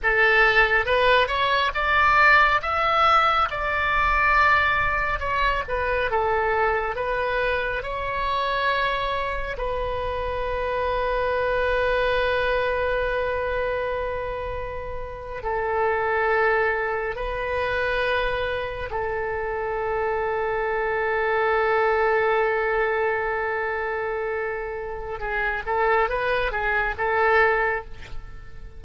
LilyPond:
\new Staff \with { instrumentName = "oboe" } { \time 4/4 \tempo 4 = 69 a'4 b'8 cis''8 d''4 e''4 | d''2 cis''8 b'8 a'4 | b'4 cis''2 b'4~ | b'1~ |
b'4.~ b'16 a'2 b'16~ | b'4.~ b'16 a'2~ a'16~ | a'1~ | a'4 gis'8 a'8 b'8 gis'8 a'4 | }